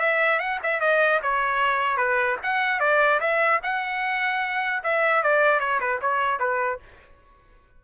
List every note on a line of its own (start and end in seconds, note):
0.00 0.40 E5
0.40 0.60 F#5
0.63 0.81 E5
0.81 1.21 D#5
1.23 1.97 C#5
1.97 2.37 B4
2.43 2.80 F#5
2.80 3.20 D5
3.21 3.61 E5
3.63 4.83 F#5
4.84 5.23 E5
5.23 5.60 D5
5.60 5.80 C#5
5.80 6.00 B4
6.02 6.40 C#5
6.40 6.80 B4